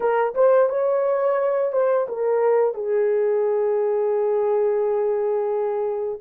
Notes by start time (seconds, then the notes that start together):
0.00 A#4
0.34 C5
0.69 C#5
1.72 C5
2.08 A#4
2.74 G#4